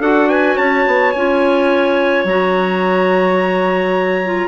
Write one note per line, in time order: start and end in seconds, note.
0.00 0.56 D4
0.00 1.14 F#4
0.00 0.28 A4
0.00 0.30 F#5
0.30 0.56 B4
0.30 0.58 G#5
0.56 0.86 C#4
0.56 4.49 C#5
0.56 1.12 A5
0.86 1.14 B3
1.12 2.25 C#4
1.12 2.29 F4
1.12 2.25 G#5
2.25 4.49 F#3
2.25 4.25 F#4
2.25 4.49 A#5
4.25 4.49 F4